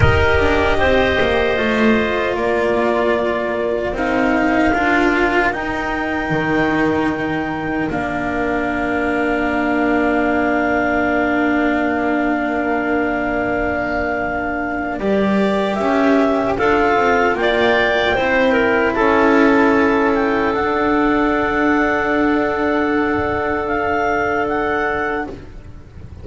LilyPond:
<<
  \new Staff \with { instrumentName = "clarinet" } { \time 4/4 \tempo 4 = 76 dis''2. d''4~ | d''4 f''2 g''4~ | g''2 f''2~ | f''1~ |
f''2. d''4 | e''4 f''4 g''2 | a''4. g''8 fis''2~ | fis''2 f''4 fis''4 | }
  \new Staff \with { instrumentName = "clarinet" } { \time 4/4 ais'4 c''2 ais'4~ | ais'1~ | ais'1~ | ais'1~ |
ais'1~ | ais'4 a'4 d''4 c''8 ais'8 | a'1~ | a'1 | }
  \new Staff \with { instrumentName = "cello" } { \time 4/4 g'2 f'2~ | f'4 dis'4 f'4 dis'4~ | dis'2 d'2~ | d'1~ |
d'2. g'4~ | g'4 f'2 e'4~ | e'2 d'2~ | d'1 | }
  \new Staff \with { instrumentName = "double bass" } { \time 4/4 dis'8 d'8 c'8 ais8 a4 ais4~ | ais4 c'4 d'4 dis'4 | dis2 ais2~ | ais1~ |
ais2. g4 | cis'4 d'8 c'8 ais4 c'4 | cis'2 d'2~ | d'1 | }
>>